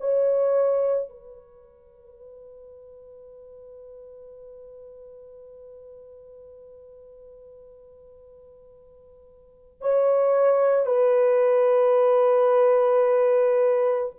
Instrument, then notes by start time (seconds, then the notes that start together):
horn
0.00 C#5
1.09 B4
9.81 C#5
10.86 B4